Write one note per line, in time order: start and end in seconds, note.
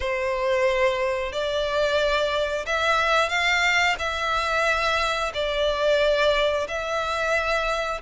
0.00 1.32 C5
1.32 2.65 D5
2.65 3.28 E5
3.28 3.95 F5
3.98 5.32 E5
5.33 6.67 D5
6.68 8.01 E5